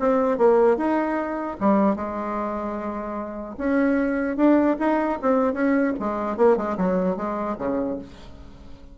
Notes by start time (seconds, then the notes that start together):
0.00 C4
0.38 A#3
0.77 D#4
1.61 G3
1.96 G#3
3.58 C#4
4.37 D4
4.79 D#4
5.22 C4
5.54 C#4
6.00 G#3
6.37 A#3
6.57 G#3
6.78 F#3
7.17 G#3
7.59 C#3